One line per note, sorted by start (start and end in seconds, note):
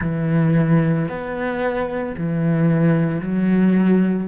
0.00 1.08 E3
1.08 2.15 B3
2.17 3.20 E3
3.20 4.28 F#3